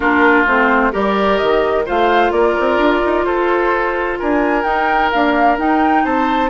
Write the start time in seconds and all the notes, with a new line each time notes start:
0.00 A#3 D4 F4 A#4
0.46 A3 C4 C5
0.92 G3 G4 A#4 D5
1.37 D#3 D#5
1.85 A3 F4 C5 F5
2.31 A#3 A#4 D5
2.59 C4
2.77 D4
3.05 D#4
3.24 F4 A4 C5
4.19 D4 A#4 G#5
4.63 D#4 G5
5.11 A#3 D4 F5
5.57 D#4 G5
6.04 C4 C5 A5